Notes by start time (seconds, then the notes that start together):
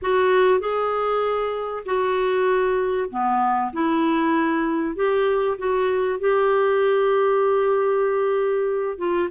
0.02 F#4
0.59 G#4
1.85 F#4
3.10 B3
3.73 E4
4.95 G4
5.58 F#4
6.19 G4
8.98 F4